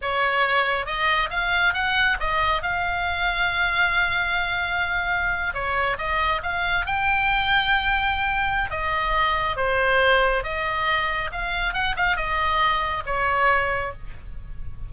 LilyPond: \new Staff \with { instrumentName = "oboe" } { \time 4/4 \tempo 4 = 138 cis''2 dis''4 f''4 | fis''4 dis''4 f''2~ | f''1~ | f''8. cis''4 dis''4 f''4 g''16~ |
g''1 | dis''2 c''2 | dis''2 f''4 fis''8 f''8 | dis''2 cis''2 | }